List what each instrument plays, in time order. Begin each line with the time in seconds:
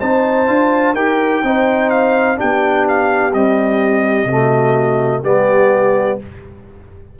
0.00 tuba C4, trombone D#4, horn C5, trumpet A5
0.47 tuba D4, trombone F4
0.94 tuba D#4, trombone G4, horn A#4, trumpet G5
1.43 tuba C4, trombone D#4, horn C5
1.90 trumpet F5
2.37 tuba B3, trombone D4, horn G4, trumpet G5
2.88 trumpet F5
3.33 trombone G3, tuba C4, trumpet D#5
4.25 tuba C3, trombone A3
4.31 horn F#4
5.22 tuba G3, trombone B3, horn G4, trumpet D5